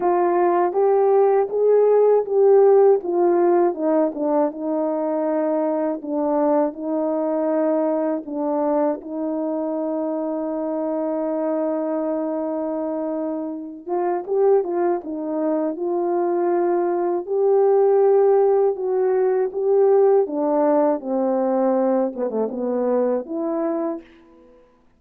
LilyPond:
\new Staff \with { instrumentName = "horn" } { \time 4/4 \tempo 4 = 80 f'4 g'4 gis'4 g'4 | f'4 dis'8 d'8 dis'2 | d'4 dis'2 d'4 | dis'1~ |
dis'2~ dis'8 f'8 g'8 f'8 | dis'4 f'2 g'4~ | g'4 fis'4 g'4 d'4 | c'4. b16 a16 b4 e'4 | }